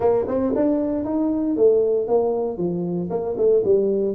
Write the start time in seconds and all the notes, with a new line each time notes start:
0.00 A#3
0.27 C4
0.55 D4
1.05 D#4
1.56 A3
2.07 A#3
2.57 F3
3.10 A#3
3.37 A3
3.64 G3